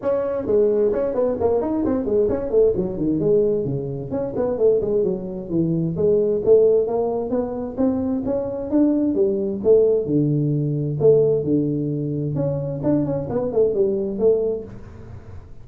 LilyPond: \new Staff \with { instrumentName = "tuba" } { \time 4/4 \tempo 4 = 131 cis'4 gis4 cis'8 b8 ais8 dis'8 | c'8 gis8 cis'8 a8 fis8 dis8 gis4 | cis4 cis'8 b8 a8 gis8 fis4 | e4 gis4 a4 ais4 |
b4 c'4 cis'4 d'4 | g4 a4 d2 | a4 d2 cis'4 | d'8 cis'8 b8 a8 g4 a4 | }